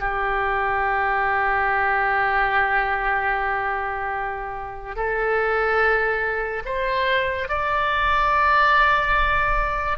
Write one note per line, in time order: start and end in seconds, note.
0.00 4.97 G4
4.97 6.63 A4
6.66 7.49 C5
7.49 9.98 D5